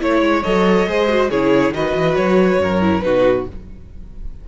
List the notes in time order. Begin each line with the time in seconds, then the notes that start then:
0.00 A3 E4 C#5
0.22 G#3
0.44 F#3 A4 D#5
0.87 G#3 G#4 C5
1.09 F#4
1.31 C#3 E4 G#4 C#5
1.72 D#3 F#4 B4 D#5
1.95 E3
2.16 F#3 C#5
2.60 F#2 A#4
2.81 E4
3.01 B2 D#4 F#4 B4